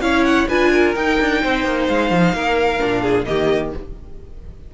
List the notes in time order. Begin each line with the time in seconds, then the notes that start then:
0.00 C#4 E4 C#5 F5
0.24 F#5
0.48 D4 F4 B4 G#5
0.72 A#4
0.95 D#4 G5
1.20 D4
1.43 C4 C5
1.65 A#3
1.88 G#3 F5
2.10 F3
2.33 A#3 A#4
2.79 A#2 D4
3.02 G#4
3.25 D#3 A#3 G4 D#5